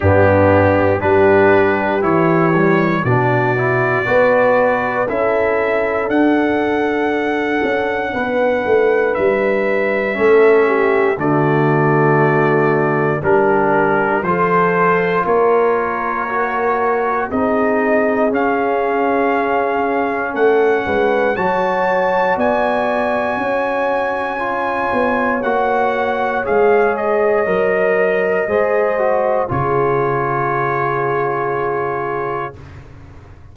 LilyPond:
<<
  \new Staff \with { instrumentName = "trumpet" } { \time 4/4 \tempo 4 = 59 g'4 b'4 cis''4 d''4~ | d''4 e''4 fis''2~ | fis''4 e''2 d''4~ | d''4 ais'4 c''4 cis''4~ |
cis''4 dis''4 f''2 | fis''4 a''4 gis''2~ | gis''4 fis''4 f''8 dis''4.~ | dis''4 cis''2. | }
  \new Staff \with { instrumentName = "horn" } { \time 4/4 d'4 g'2 fis'4 | b'4 a'2. | b'2 a'8 g'8 fis'4~ | fis'4 g'4 a'4 ais'4~ |
ais'4 gis'2. | a'8 b'8 cis''4 d''4 cis''4~ | cis''1 | c''4 gis'2. | }
  \new Staff \with { instrumentName = "trombone" } { \time 4/4 b4 d'4 e'8 g8 d'8 e'8 | fis'4 e'4 d'2~ | d'2 cis'4 a4~ | a4 d'4 f'2 |
fis'4 dis'4 cis'2~ | cis'4 fis'2. | f'4 fis'4 gis'4 ais'4 | gis'8 fis'8 f'2. | }
  \new Staff \with { instrumentName = "tuba" } { \time 4/4 g,4 g4 e4 b,4 | b4 cis'4 d'4. cis'8 | b8 a8 g4 a4 d4~ | d4 g4 f4 ais4~ |
ais4 c'4 cis'2 | a8 gis8 fis4 b4 cis'4~ | cis'8 b8 ais4 gis4 fis4 | gis4 cis2. | }
>>